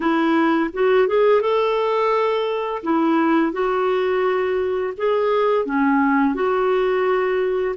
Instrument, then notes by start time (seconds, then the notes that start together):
clarinet
0.00 E4
0.73 F#4
1.07 G#4
1.41 A4
2.83 E4
3.52 F#4
4.97 G#4
5.65 C#4
6.34 F#4